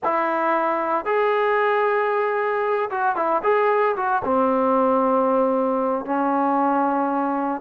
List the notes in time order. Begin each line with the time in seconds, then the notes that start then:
0.03 E4
1.05 G#4
2.90 F#4
3.16 E4
3.43 G#4
3.96 F#4
4.24 C4
6.05 C#4